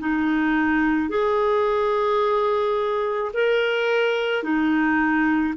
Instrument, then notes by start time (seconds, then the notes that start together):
clarinet
0.00 D#4
1.10 G#4
3.34 A#4
4.43 D#4